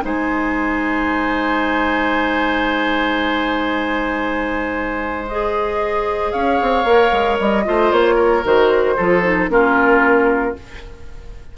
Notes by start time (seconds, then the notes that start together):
0.00 G#3 D#4 C5
0.06 G#5
5.28 G#4 D#5
6.32 C#4 C#5 F5
6.61 C4
6.84 A#3 A#4
7.12 G#3
7.40 G3 D#5
7.65 A3 F4 C5
7.92 A#3 C#5
8.15 A#4
8.44 D#3 F#4 C5
8.97 F3 F4 A4
9.23 D#4
9.49 A#3 C#4 F4 A#4